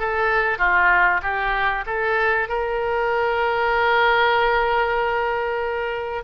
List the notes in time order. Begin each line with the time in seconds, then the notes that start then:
0.00 A4
0.59 F4
1.23 G4
1.87 A4
2.49 A#4